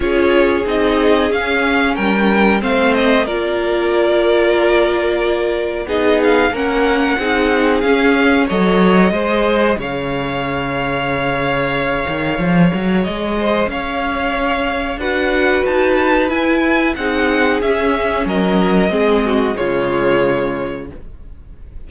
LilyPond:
<<
  \new Staff \with { instrumentName = "violin" } { \time 4/4 \tempo 4 = 92 cis''4 dis''4 f''4 g''4 | f''8 dis''8 d''2.~ | d''4 dis''8 f''8 fis''2 | f''4 dis''2 f''4~ |
f''1 | dis''4 f''2 fis''4 | a''4 gis''4 fis''4 e''4 | dis''2 cis''2 | }
  \new Staff \with { instrumentName = "violin" } { \time 4/4 gis'2. ais'4 | c''4 ais'2.~ | ais'4 gis'4 ais'4 gis'4~ | gis'4 cis''4 c''4 cis''4~ |
cis''1~ | cis''8 c''8 cis''2 b'4~ | b'2 gis'2 | ais'4 gis'8 fis'8 f'2 | }
  \new Staff \with { instrumentName = "viola" } { \time 4/4 f'4 dis'4 cis'2 | c'4 f'2.~ | f'4 dis'4 cis'4 dis'4 | cis'4 a'4 gis'2~ |
gis'1~ | gis'2. fis'4~ | fis'4 e'4 dis'4 cis'4~ | cis'4 c'4 gis2 | }
  \new Staff \with { instrumentName = "cello" } { \time 4/4 cis'4 c'4 cis'4 g4 | a4 ais2.~ | ais4 b4 ais4 c'4 | cis'4 fis4 gis4 cis4~ |
cis2~ cis8 dis8 f8 fis8 | gis4 cis'2 d'4 | dis'4 e'4 c'4 cis'4 | fis4 gis4 cis2 | }
>>